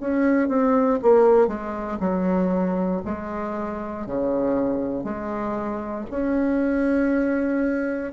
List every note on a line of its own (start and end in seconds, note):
0.00 0.48 C#4
0.48 0.99 C4
1.02 1.47 A#3
1.47 1.98 G#3
2.00 3.01 F#3
3.05 4.06 G#3
4.06 5.03 C#3
5.03 6.05 G#3
6.10 8.12 C#4